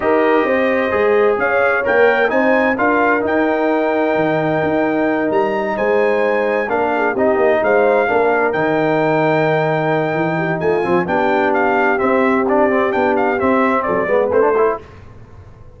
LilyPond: <<
  \new Staff \with { instrumentName = "trumpet" } { \time 4/4 \tempo 4 = 130 dis''2. f''4 | g''4 gis''4 f''4 g''4~ | g''2.~ g''8 ais''8~ | ais''8 gis''2 f''4 dis''8~ |
dis''8 f''2 g''4.~ | g''2. gis''4 | g''4 f''4 e''4 d''4 | g''8 f''8 e''4 d''4 c''4 | }
  \new Staff \with { instrumentName = "horn" } { \time 4/4 ais'4 c''2 cis''4~ | cis''4 c''4 ais'2~ | ais'1~ | ais'8 c''2 ais'8 gis'8 g'8~ |
g'8 c''4 ais'2~ ais'8~ | ais'2~ ais'8 g'8 f'4 | g'1~ | g'2 a'8 b'4 a'8 | }
  \new Staff \with { instrumentName = "trombone" } { \time 4/4 g'2 gis'2 | ais'4 dis'4 f'4 dis'4~ | dis'1~ | dis'2~ dis'8 d'4 dis'8~ |
dis'4. d'4 dis'4.~ | dis'2.~ dis'8 c'8 | d'2 c'4 d'8 c'8 | d'4 c'4. b8 c'16 d'16 e'8 | }
  \new Staff \with { instrumentName = "tuba" } { \time 4/4 dis'4 c'4 gis4 cis'4 | ais4 c'4 d'4 dis'4~ | dis'4 dis4 dis'4. g8~ | g8 gis2 ais4 c'8 |
ais8 gis4 ais4 dis4.~ | dis2 e4 a8 f8 | b2 c'2 | b4 c'4 fis8 gis8 a4 | }
>>